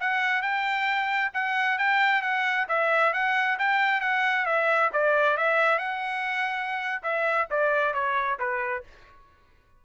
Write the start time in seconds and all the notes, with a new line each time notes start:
0.00 F#5
0.42 G5
1.34 F#5
1.79 G5
2.22 F#5
2.69 E5
3.13 F#5
3.59 G5
4.01 F#5
4.46 E5
4.93 D5
5.37 E5
5.79 F#5
7.03 E5
7.51 D5
7.94 C#5
8.39 B4